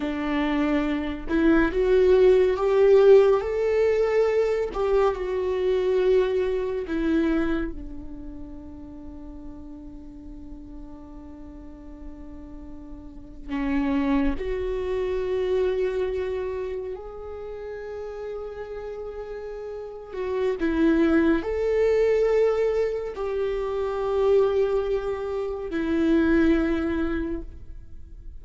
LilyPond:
\new Staff \with { instrumentName = "viola" } { \time 4/4 \tempo 4 = 70 d'4. e'8 fis'4 g'4 | a'4. g'8 fis'2 | e'4 d'2.~ | d'2.~ d'8. cis'16~ |
cis'8. fis'2. gis'16~ | gis'2.~ gis'8 fis'8 | e'4 a'2 g'4~ | g'2 e'2 | }